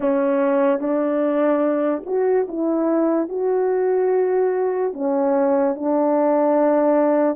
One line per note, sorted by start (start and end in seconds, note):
0.00 0.79 C#4
0.79 2.02 D4
2.05 2.47 F#4
2.48 3.29 E4
3.29 4.93 F#4
4.93 5.75 C#4
5.75 7.36 D4